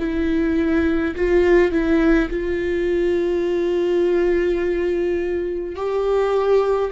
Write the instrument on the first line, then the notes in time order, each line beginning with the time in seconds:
viola
0.00 E4
1.16 F4
1.72 E4
2.31 F4
5.76 G4